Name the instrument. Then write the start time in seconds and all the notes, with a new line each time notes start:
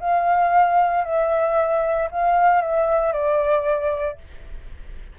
flute
0.00 F5
1.04 E5
2.11 F5
2.61 E5
3.13 D5